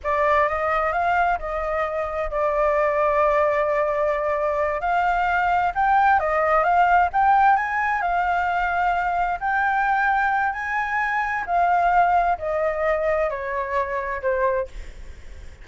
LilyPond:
\new Staff \with { instrumentName = "flute" } { \time 4/4 \tempo 4 = 131 d''4 dis''4 f''4 dis''4~ | dis''4 d''2.~ | d''2~ d''8 f''4.~ | f''8 g''4 dis''4 f''4 g''8~ |
g''8 gis''4 f''2~ f''8~ | f''8 g''2~ g''8 gis''4~ | gis''4 f''2 dis''4~ | dis''4 cis''2 c''4 | }